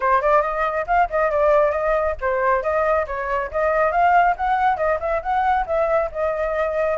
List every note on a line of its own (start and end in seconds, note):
0.00 0.21 C5
0.21 0.42 D5
0.42 0.85 D#5
0.87 1.08 F5
1.10 1.30 D#5
1.30 1.71 D5
1.71 2.14 D#5
2.20 2.62 C5
2.62 3.06 D#5
3.07 3.50 C#5
3.51 3.91 D#5
3.91 4.35 F5
4.36 4.76 F#5
4.76 4.98 D#5
5.00 5.22 E5
5.22 5.65 F#5
5.66 6.10 E5
6.11 6.97 D#5